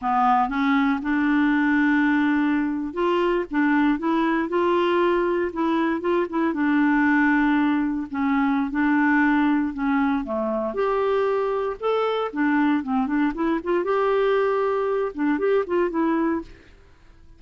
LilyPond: \new Staff \with { instrumentName = "clarinet" } { \time 4/4 \tempo 4 = 117 b4 cis'4 d'2~ | d'4.~ d'16 f'4 d'4 e'16~ | e'8. f'2 e'4 f'16~ | f'16 e'8 d'2. cis'16~ |
cis'4 d'2 cis'4 | a4 g'2 a'4 | d'4 c'8 d'8 e'8 f'8 g'4~ | g'4. d'8 g'8 f'8 e'4 | }